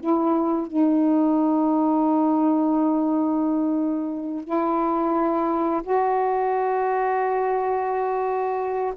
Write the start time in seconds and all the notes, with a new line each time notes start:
0.00 E4
0.66 D#4
4.44 E4
5.83 F#4